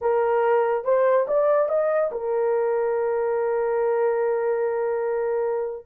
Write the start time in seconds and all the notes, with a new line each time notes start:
0.01 A#4
0.84 C5
1.27 D5
1.68 D#5
2.11 A#4